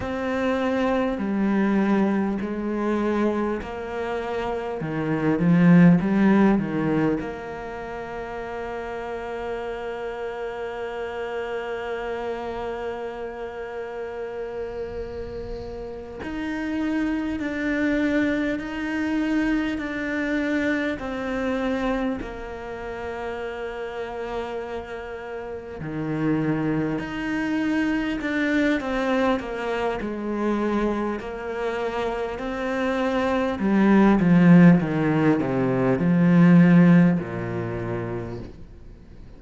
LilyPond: \new Staff \with { instrumentName = "cello" } { \time 4/4 \tempo 4 = 50 c'4 g4 gis4 ais4 | dis8 f8 g8 dis8 ais2~ | ais1~ | ais4. dis'4 d'4 dis'8~ |
dis'8 d'4 c'4 ais4.~ | ais4. dis4 dis'4 d'8 | c'8 ais8 gis4 ais4 c'4 | g8 f8 dis8 c8 f4 ais,4 | }